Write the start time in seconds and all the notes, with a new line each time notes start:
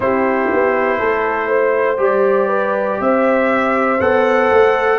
0.00 C4 E4 G4 C5
0.52 B3
0.99 A3 A4
1.48 C5
1.97 G3 G4 D5
2.47 B4
3.00 C4 C5 E5
4.00 B3 A4 F#5
4.51 A3